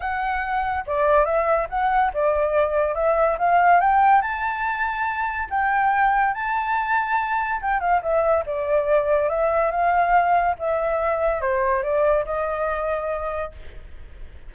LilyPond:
\new Staff \with { instrumentName = "flute" } { \time 4/4 \tempo 4 = 142 fis''2 d''4 e''4 | fis''4 d''2 e''4 | f''4 g''4 a''2~ | a''4 g''2 a''4~ |
a''2 g''8 f''8 e''4 | d''2 e''4 f''4~ | f''4 e''2 c''4 | d''4 dis''2. | }